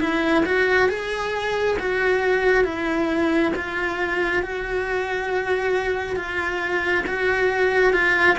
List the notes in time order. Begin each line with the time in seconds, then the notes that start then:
0.00 E4
0.45 F#4
0.89 G#4
1.79 F#4
2.64 E4
3.55 F4
4.42 F#4
6.16 F4
7.06 F#4
7.93 F4